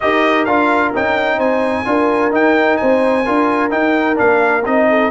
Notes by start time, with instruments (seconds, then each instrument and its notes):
0.00 tuba D#4, trombone G4, horn A#4, trumpet D#5
0.45 tuba D4, trombone F4, trumpet F5
0.93 tuba C#4, trombone D#4, trumpet G5
1.37 tuba C4, horn C5, trumpet G#5
1.85 tuba D4, trombone F4, horn A#4
2.31 trombone D#4, tuba D#4, trumpet G5
2.76 tuba C4, horn C5, trumpet G#5
3.25 tuba D4, trombone F4, horn A#4
3.70 trombone D#4, tuba D#4, trumpet G5
4.15 tuba A#3, trombone D4, trumpet F5
4.65 tuba C4, trombone D#4, trumpet D#5
4.89 horn A4